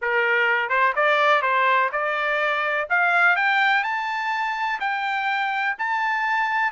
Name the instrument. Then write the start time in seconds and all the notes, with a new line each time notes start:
trumpet
0.01 A#4
0.69 C5
0.95 D5
1.41 C5
1.92 D5
2.89 F5
3.36 G5
3.83 A5
4.80 G5
5.78 A5